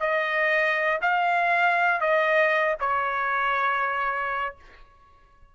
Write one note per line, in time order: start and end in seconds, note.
0.00 1.00 D#5
1.02 2.01 F5
2.01 2.76 D#5
2.80 4.55 C#5